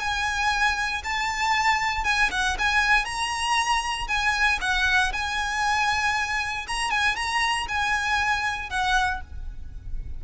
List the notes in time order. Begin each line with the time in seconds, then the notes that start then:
0.00 G#5
1.04 A5
2.05 G#5
2.32 F#5
2.59 G#5
3.05 A#5
4.08 G#5
4.61 F#5
5.13 G#5
6.68 A#5
6.91 G#5
7.16 A#5
7.69 G#5
8.70 F#5